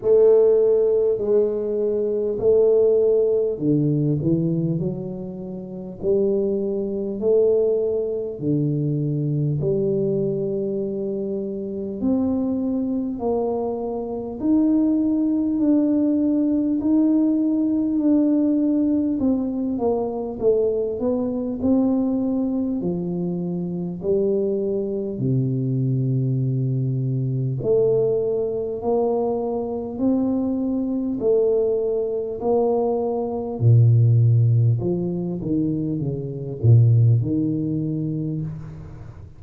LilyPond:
\new Staff \with { instrumentName = "tuba" } { \time 4/4 \tempo 4 = 50 a4 gis4 a4 d8 e8 | fis4 g4 a4 d4 | g2 c'4 ais4 | dis'4 d'4 dis'4 d'4 |
c'8 ais8 a8 b8 c'4 f4 | g4 c2 a4 | ais4 c'4 a4 ais4 | ais,4 f8 dis8 cis8 ais,8 dis4 | }